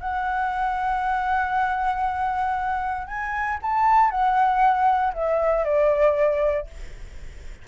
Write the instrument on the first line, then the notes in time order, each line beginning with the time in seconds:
flute
0.00 F#5
3.07 G#5
3.62 A5
4.11 F#5
5.14 E5
5.65 D5